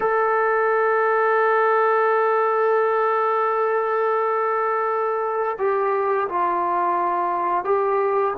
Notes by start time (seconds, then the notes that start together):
0.00 A4
5.58 G4
6.29 F4
7.64 G4